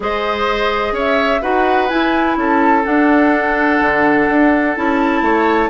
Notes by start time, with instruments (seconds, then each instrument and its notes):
0.00 bassoon G#3, clarinet G#4, oboe C5, flute D#5
0.92 bassoon C#4, oboe C#5, flute E5
1.41 bassoon D#4, clarinet F#4, oboe B4, flute F#5
1.88 clarinet E4, bassoon E4, flute G#5
2.37 bassoon C#4, oboe A4, flute A5
2.83 clarinet D4, bassoon D4, flute F#5
3.80 bassoon D3
4.28 bassoon D4
4.75 bassoon C#4, clarinet E4, flute A5
5.21 bassoon A3, oboe C#5